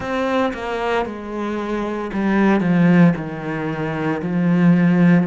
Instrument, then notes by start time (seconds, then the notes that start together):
cello
0.00 C4
0.53 A#3
1.05 G#3
2.13 G3
2.60 F3
3.16 D#3
4.22 F3